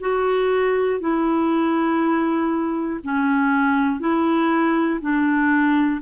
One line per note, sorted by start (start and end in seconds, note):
0.00 1.00 F#4
1.00 3.00 E4
3.03 4.00 C#4
4.00 5.00 E4
5.00 6.00 D4